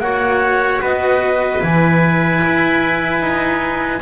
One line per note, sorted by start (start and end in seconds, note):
0.00 0.80 A#3
0.00 1.60 F#4
0.00 0.82 C#5
0.00 0.81 F#5
0.82 1.62 B3
0.82 4.02 B4
0.82 1.63 D#5
1.60 2.43 E3
1.60 4.00 E4
1.60 4.03 G#5
2.44 3.21 E4
3.21 4.01 D#4